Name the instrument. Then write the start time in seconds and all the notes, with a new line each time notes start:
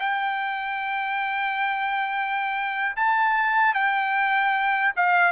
trumpet
0.00 G5
2.96 A5
3.74 G5
4.96 F5